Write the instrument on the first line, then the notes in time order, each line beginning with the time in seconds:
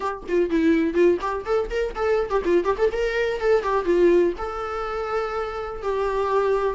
viola
0.00 G4
0.28 F4
0.49 E4
0.93 F4
1.20 G4
1.45 A4
1.69 A#4
1.95 A4
2.30 G4
2.44 F4
2.64 G4
2.77 A4
2.91 A#4
3.39 A4
3.62 G4
3.85 F4
4.38 A4
5.82 G4